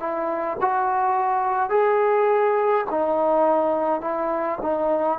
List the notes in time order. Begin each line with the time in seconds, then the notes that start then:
0.00 E4
0.61 F#4
1.70 G#4
2.91 D#4
4.01 E4
4.62 D#4